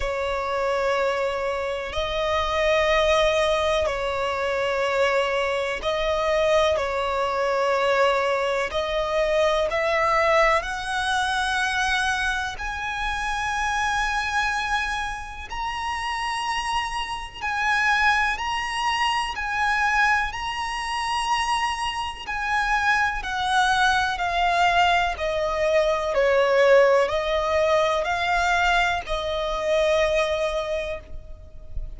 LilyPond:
\new Staff \with { instrumentName = "violin" } { \time 4/4 \tempo 4 = 62 cis''2 dis''2 | cis''2 dis''4 cis''4~ | cis''4 dis''4 e''4 fis''4~ | fis''4 gis''2. |
ais''2 gis''4 ais''4 | gis''4 ais''2 gis''4 | fis''4 f''4 dis''4 cis''4 | dis''4 f''4 dis''2 | }